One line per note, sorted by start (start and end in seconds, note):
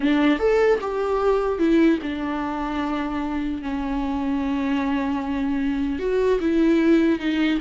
0.00 0.39 D4
0.39 0.79 A4
0.80 1.59 G4
1.59 1.99 E4
2.02 3.62 D4
3.62 5.99 C#4
5.99 6.39 F#4
6.40 7.19 E4
7.19 7.59 D#4